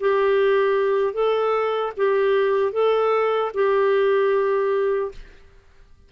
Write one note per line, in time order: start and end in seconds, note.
0.00 1.13 G4
1.13 1.92 A4
1.97 2.72 G4
2.72 3.51 A4
3.54 5.12 G4